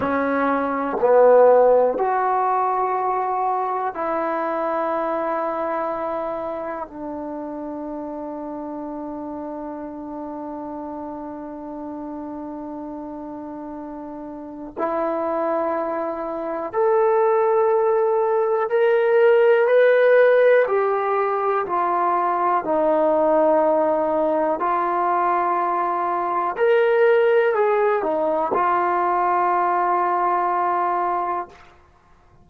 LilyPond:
\new Staff \with { instrumentName = "trombone" } { \time 4/4 \tempo 4 = 61 cis'4 b4 fis'2 | e'2. d'4~ | d'1~ | d'2. e'4~ |
e'4 a'2 ais'4 | b'4 g'4 f'4 dis'4~ | dis'4 f'2 ais'4 | gis'8 dis'8 f'2. | }